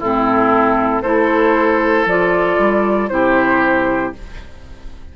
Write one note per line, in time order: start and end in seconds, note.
0.00 1.03 A2
0.00 1.04 C4
0.00 1.03 E4
0.00 1.03 A4
1.03 2.06 A3
1.03 2.08 E4
1.03 3.10 A4
1.03 2.06 C5
2.06 2.58 F3
2.06 3.10 F4
2.06 3.09 D5
2.59 3.11 G3
3.09 4.14 C3
3.09 4.13 E4
3.09 4.17 G4
3.09 4.13 C5